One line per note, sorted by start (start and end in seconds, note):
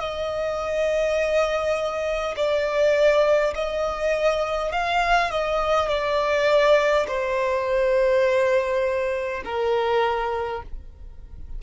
0.00 2.35 D#5
2.37 3.55 D5
3.55 4.72 D#5
4.72 5.31 F5
5.31 5.89 D#5
5.89 7.06 D5
7.08 9.43 C5
9.45 10.63 A#4